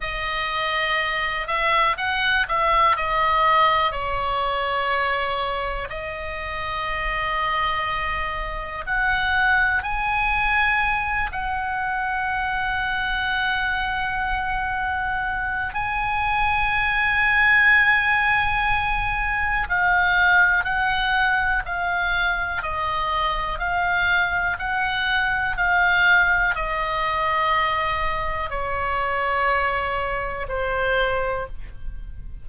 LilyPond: \new Staff \with { instrumentName = "oboe" } { \time 4/4 \tempo 4 = 61 dis''4. e''8 fis''8 e''8 dis''4 | cis''2 dis''2~ | dis''4 fis''4 gis''4. fis''8~ | fis''1 |
gis''1 | f''4 fis''4 f''4 dis''4 | f''4 fis''4 f''4 dis''4~ | dis''4 cis''2 c''4 | }